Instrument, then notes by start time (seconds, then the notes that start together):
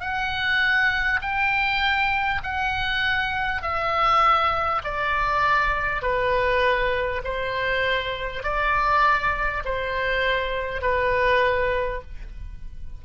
oboe
0.00 F#5
1.22 G5
2.43 F#5
3.63 E5
4.84 D5
6.02 B4
7.24 C5
8.43 D5
9.65 C5
10.82 B4